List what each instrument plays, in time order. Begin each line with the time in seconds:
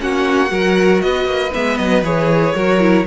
0.00 cello A#3, viola C#4, violin F#4 F#5
0.48 cello F#3, viola F#4, violin A#4
1.01 cello B3, violin B4 D#5
1.25 cello A#3
1.54 cello G#3, viola B3, violin E5
1.78 cello F#3, violin D#5
2.03 cello E3, viola G#4, violin C#5
2.55 cello F#3, viola F#4, violin A#4
2.80 viola E4